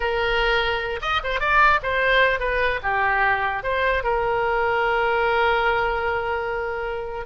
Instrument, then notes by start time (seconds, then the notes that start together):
oboe
0.00 A#4
1.01 D#5
1.23 C5
1.39 D5
1.82 C5
2.39 B4
2.82 G4
3.63 C5
4.03 A#4